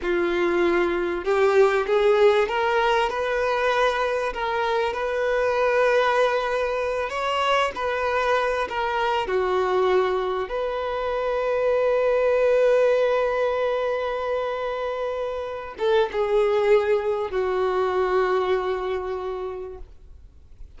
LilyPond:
\new Staff \with { instrumentName = "violin" } { \time 4/4 \tempo 4 = 97 f'2 g'4 gis'4 | ais'4 b'2 ais'4 | b'2.~ b'8 cis''8~ | cis''8 b'4. ais'4 fis'4~ |
fis'4 b'2.~ | b'1~ | b'4. a'8 gis'2 | fis'1 | }